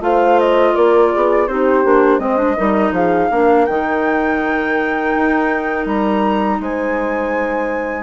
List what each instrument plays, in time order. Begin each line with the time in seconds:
0.00 bassoon A3, clarinet F4, horn C5, flute F5
0.39 flute D#5
0.74 bassoon A#3, horn A#4, flute D5
1.12 bassoon B3, horn G#4
1.47 bassoon C4, clarinet D#4, horn G4, flute C5
1.84 bassoon A#3, clarinet D4
2.18 bassoon G#3, clarinet C4, horn C5, flute D#5
2.37 clarinet D4
2.57 bassoon G3, clarinet D#4, horn A#4
2.91 bassoon F3, horn G#4, flute F5
3.30 bassoon A#3, clarinet D4, horn A#4
3.65 bassoon D#3, clarinet D#4, flute G5
5.15 bassoon D#4
5.86 bassoon G3, flute A#5
6.60 bassoon G#3, horn C5, flute G#5